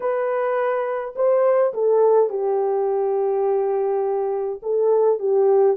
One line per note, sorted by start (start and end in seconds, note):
0.00 1.14 B4
1.15 1.73 C5
1.73 2.29 A4
2.29 4.60 G4
4.62 5.19 A4
5.19 5.76 G4